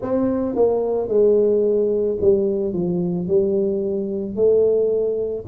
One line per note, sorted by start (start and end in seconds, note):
0.01 0.55 C4
0.55 1.08 A#3
1.08 2.17 G#3
2.20 2.73 G3
2.73 3.27 F3
3.27 4.35 G3
4.35 5.44 A3